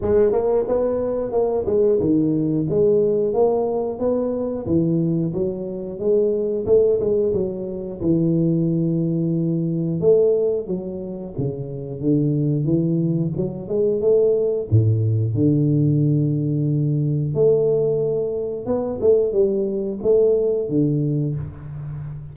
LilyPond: \new Staff \with { instrumentName = "tuba" } { \time 4/4 \tempo 4 = 90 gis8 ais8 b4 ais8 gis8 dis4 | gis4 ais4 b4 e4 | fis4 gis4 a8 gis8 fis4 | e2. a4 |
fis4 cis4 d4 e4 | fis8 gis8 a4 a,4 d4~ | d2 a2 | b8 a8 g4 a4 d4 | }